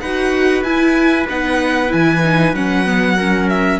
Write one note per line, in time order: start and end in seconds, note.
0.00 0.63 D#4
0.00 3.17 B4
0.00 0.63 F#5
0.06 0.65 F#4
0.63 1.26 E4
0.63 1.28 E4
0.63 1.26 G#5
1.29 1.92 B3
1.29 1.88 D#4
1.29 1.92 F#5
1.88 2.54 E3
1.88 2.19 E4
1.88 2.55 G#5
2.25 2.56 D#4
2.54 3.80 F#3
2.54 2.86 C#4
2.54 3.49 F#5
2.86 3.18 B3
3.17 3.80 C#4
3.17 3.80 A#4
3.49 3.80 E5